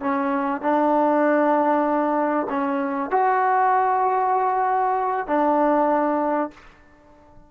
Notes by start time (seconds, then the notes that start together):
0.00 C#4
0.61 D4
2.49 C#4
3.10 F#4
5.27 D4